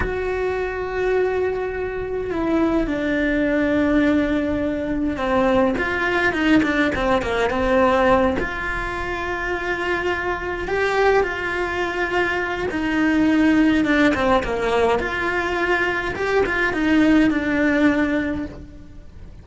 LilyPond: \new Staff \with { instrumentName = "cello" } { \time 4/4 \tempo 4 = 104 fis'1 | e'4 d'2.~ | d'4 c'4 f'4 dis'8 d'8 | c'8 ais8 c'4. f'4.~ |
f'2~ f'8 g'4 f'8~ | f'2 dis'2 | d'8 c'8 ais4 f'2 | g'8 f'8 dis'4 d'2 | }